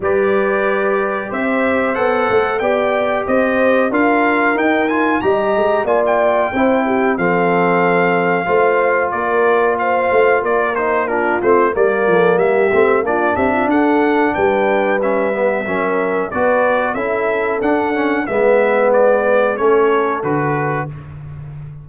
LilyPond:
<<
  \new Staff \with { instrumentName = "trumpet" } { \time 4/4 \tempo 4 = 92 d''2 e''4 fis''4 | g''4 dis''4 f''4 g''8 gis''8 | ais''4 gis''16 g''4.~ g''16 f''4~ | f''2 d''4 f''4 |
d''8 c''8 ais'8 c''8 d''4 e''4 | d''8 e''8 fis''4 g''4 e''4~ | e''4 d''4 e''4 fis''4 | e''4 d''4 cis''4 b'4 | }
  \new Staff \with { instrumentName = "horn" } { \time 4/4 b'2 c''2 | d''4 c''4 ais'2 | dis''4 d''4 c''8 g'8 a'4~ | a'4 c''4 ais'4 c''4 |
ais'4 f'4 ais'8 a'8 g'4 | f'8 g'16 f'16 a'4 b'2 | ais'4 b'4 a'2 | b'2 a'2 | }
  \new Staff \with { instrumentName = "trombone" } { \time 4/4 g'2. a'4 | g'2 f'4 dis'8 f'8 | g'4 f'4 e'4 c'4~ | c'4 f'2.~ |
f'8 dis'8 d'8 c'8 ais4. c'8 | d'2. cis'8 b8 | cis'4 fis'4 e'4 d'8 cis'8 | b2 cis'4 fis'4 | }
  \new Staff \with { instrumentName = "tuba" } { \time 4/4 g2 c'4 b8 a8 | b4 c'4 d'4 dis'4 | g8 gis8 ais4 c'4 f4~ | f4 a4 ais4. a8 |
ais4. a8 g8 f8 g8 a8 | ais8 c'8 d'4 g2 | fis4 b4 cis'4 d'4 | gis2 a4 d4 | }
>>